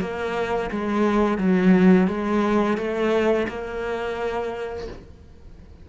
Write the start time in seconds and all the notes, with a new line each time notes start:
0.00 A#3
0.71 G#3
1.38 F#3
2.07 G#3
2.77 A3
3.48 A#3